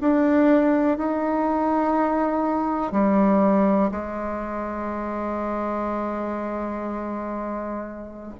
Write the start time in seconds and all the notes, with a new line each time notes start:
0.00 D4
0.97 D#4
2.92 G3
3.91 G#3